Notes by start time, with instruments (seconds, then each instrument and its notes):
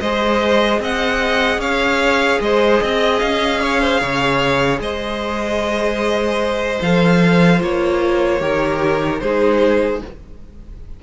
0.00 cello G#3, viola G#4, violin C5 D#5
0.79 cello C4, violin D#5 F#5
1.58 cello C#4, violin C#5 F5
2.41 cello G#3, violin C5 D#5
2.82 cello C4, violin D#5
3.19 cello C#4, violin F5
3.61 violin C#5
3.80 violin C5
4.00 cello C#3, violin C#5
4.79 cello G#3, violin C5 D#5
6.81 cello F3, viola A4, violin F5
7.59 cello A#3, viola F4, violin C#5
8.39 cello D#3, viola G4, violin A#4
9.20 cello G#3, viola D#4, violin G#4 C5